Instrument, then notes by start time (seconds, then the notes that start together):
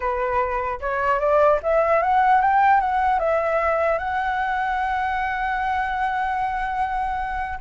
flute
0.00 B4
0.80 C#5
1.19 D5
1.63 E5
2.02 F#5
2.41 G5
2.80 F#5
3.19 E5
3.98 F#5